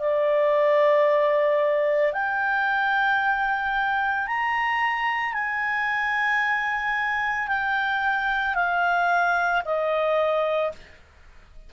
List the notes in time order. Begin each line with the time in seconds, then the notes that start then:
0.00 D5
2.13 G5
4.28 A#5
5.34 G#5
7.49 G5
8.55 F5
9.65 D#5